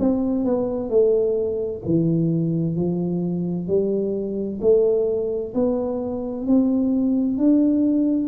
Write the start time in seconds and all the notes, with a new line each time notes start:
0.00 C4
0.45 B3
0.90 A3
1.86 E3
2.77 F3
3.68 G3
4.62 A3
5.55 B3
6.47 C4
7.38 D4